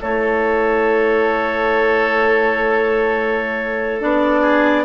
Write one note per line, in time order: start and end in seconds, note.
0.00 4.03 A3
0.00 4.01 E4
0.00 4.41 A4
0.00 4.02 C#5
4.01 4.85 B3
4.01 4.85 D4
4.01 4.85 D5
4.41 4.84 G#4